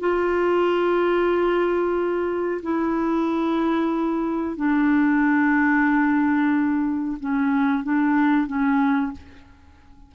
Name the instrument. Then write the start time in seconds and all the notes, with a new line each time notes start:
clarinet
0.00 F4
2.62 E4
4.56 D4
7.20 C#4
7.83 D4
8.47 C#4